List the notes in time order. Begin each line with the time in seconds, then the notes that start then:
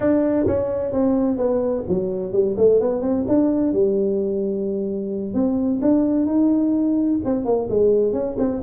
0.00 D4
0.47 C#4
0.92 C4
1.37 B3
1.88 F#3
2.32 G3
2.57 A3
2.80 B3
3.01 C4
3.27 D4
3.73 G3
5.34 C4
5.81 D4
6.26 D#4
7.24 C4
7.45 A#3
7.69 G#3
8.13 C#4
8.38 C4